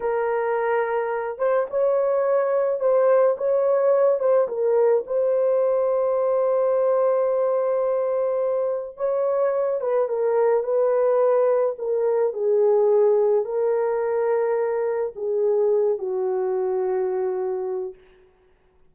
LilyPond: \new Staff \with { instrumentName = "horn" } { \time 4/4 \tempo 4 = 107 ais'2~ ais'8 c''8 cis''4~ | cis''4 c''4 cis''4. c''8 | ais'4 c''2.~ | c''1 |
cis''4. b'8 ais'4 b'4~ | b'4 ais'4 gis'2 | ais'2. gis'4~ | gis'8 fis'2.~ fis'8 | }